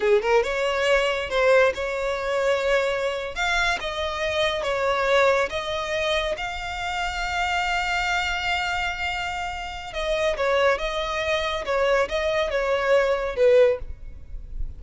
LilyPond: \new Staff \with { instrumentName = "violin" } { \time 4/4 \tempo 4 = 139 gis'8 ais'8 cis''2 c''4 | cis''2.~ cis''8. f''16~ | f''8. dis''2 cis''4~ cis''16~ | cis''8. dis''2 f''4~ f''16~ |
f''1~ | f''2. dis''4 | cis''4 dis''2 cis''4 | dis''4 cis''2 b'4 | }